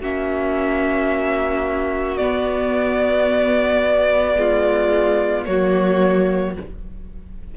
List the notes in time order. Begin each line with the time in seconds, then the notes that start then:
0.00 A#3 C#4 F#4 E5
2.17 B3 D5
4.36 G#3 F4
5.46 F#3 A#3 F#4 C#5